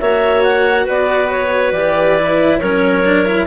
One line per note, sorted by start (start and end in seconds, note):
0.00 0.87 A#3
0.00 1.76 F#4
0.00 0.85 C#5
0.00 0.43 E5
0.43 0.87 F#5
0.85 1.72 B3
0.85 2.59 B4
0.85 1.30 D5
1.30 1.72 C#5
1.72 2.59 E3
1.72 2.18 G4
1.72 2.58 D5
2.18 2.61 E4
2.58 3.47 F#3
2.58 3.05 C#4
2.58 3.47 A#4
2.58 3.45 C#5
3.05 3.26 D4
3.26 3.47 E4